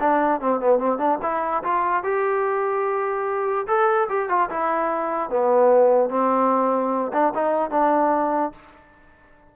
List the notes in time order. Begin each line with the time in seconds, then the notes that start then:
0.00 D4
0.41 C4
0.61 B3
0.79 C4
0.99 D4
1.22 E4
1.64 F4
2.04 G4
3.68 A4
4.09 G4
4.29 F4
4.50 E4
5.30 B3
6.10 C4
7.13 D4
7.35 D#4
7.71 D4